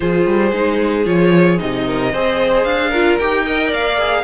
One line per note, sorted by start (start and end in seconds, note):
0.00 0.25 F3
0.00 0.52 F4
0.00 1.85 G#4
0.00 1.06 C5
0.25 0.52 G3
0.53 1.06 G#3
0.53 1.05 D#4
1.05 1.59 F3
1.05 1.58 F4
1.05 1.59 C#5
1.58 2.13 C3
1.58 2.11 D#4
1.58 2.64 D#5
1.86 2.12 A#4
2.12 2.64 C4
2.12 2.93 G#4
2.12 2.89 C5
2.64 3.18 D4
2.64 3.17 F5
2.89 3.20 F4
2.89 3.42 A#4
3.19 3.73 D#4
3.19 3.46 G4
3.19 3.72 G5
3.46 3.98 A#4
3.46 3.67 D#5
3.67 4.23 A#3
3.67 4.20 D5
3.67 4.23 F5
3.98 4.23 G#4